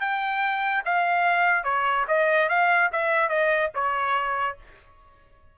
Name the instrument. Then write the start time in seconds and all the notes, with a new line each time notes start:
trumpet
0.00 G5
0.85 F5
1.64 C#5
2.08 D#5
2.49 F5
2.92 E5
3.29 D#5
3.74 C#5